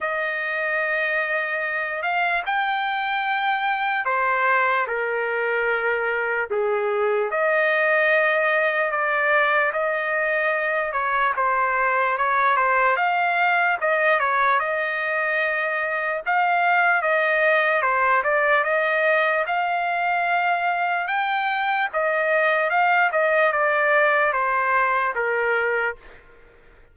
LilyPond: \new Staff \with { instrumentName = "trumpet" } { \time 4/4 \tempo 4 = 74 dis''2~ dis''8 f''8 g''4~ | g''4 c''4 ais'2 | gis'4 dis''2 d''4 | dis''4. cis''8 c''4 cis''8 c''8 |
f''4 dis''8 cis''8 dis''2 | f''4 dis''4 c''8 d''8 dis''4 | f''2 g''4 dis''4 | f''8 dis''8 d''4 c''4 ais'4 | }